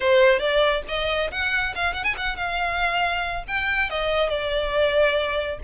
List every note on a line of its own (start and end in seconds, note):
0.00 0.39 C5
0.39 0.82 D5
0.88 1.31 D#5
1.31 1.74 F#5
1.75 1.93 F5
1.93 2.03 F#5
2.03 2.14 G#5
2.17 2.36 F#5
2.36 3.44 F5
3.47 3.90 G5
3.90 4.29 D#5
4.29 5.58 D5